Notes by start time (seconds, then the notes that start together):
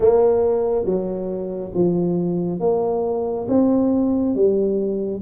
0.00 A#3
0.85 F#3
1.74 F3
2.60 A#3
3.48 C4
4.35 G3